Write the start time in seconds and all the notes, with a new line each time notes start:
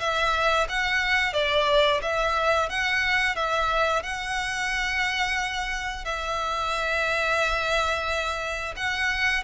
0.00 E5
0.69 F#5
1.34 D5
2.02 E5
2.69 F#5
3.36 E5
4.03 F#5
6.05 E5
8.76 F#5